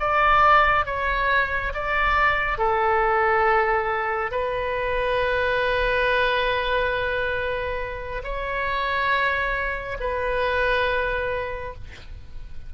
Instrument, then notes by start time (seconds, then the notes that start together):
oboe
0.00 D5
0.86 C#5
1.74 D5
2.58 A4
4.32 B4
8.24 C#5
10.01 B4